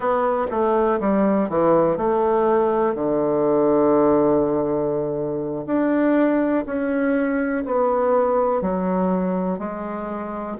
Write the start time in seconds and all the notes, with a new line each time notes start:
0.00 B3
0.50 A3
1.00 G3
1.49 E3
1.97 A3
2.94 D3
5.66 D4
6.66 C#4
7.65 B3
8.61 F#3
9.59 G#3